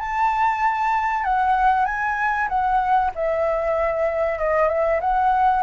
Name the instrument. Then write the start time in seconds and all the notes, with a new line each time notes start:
flute
0.00 A5
1.24 F#5
1.86 G#5
2.49 F#5
3.15 E5
4.39 D#5
4.69 E5
5.01 F#5